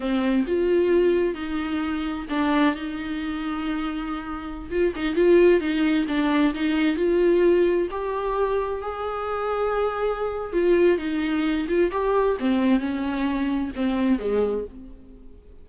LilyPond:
\new Staff \with { instrumentName = "viola" } { \time 4/4 \tempo 4 = 131 c'4 f'2 dis'4~ | dis'4 d'4 dis'2~ | dis'2~ dis'16 f'8 dis'8 f'8.~ | f'16 dis'4 d'4 dis'4 f'8.~ |
f'4~ f'16 g'2 gis'8.~ | gis'2. f'4 | dis'4. f'8 g'4 c'4 | cis'2 c'4 gis4 | }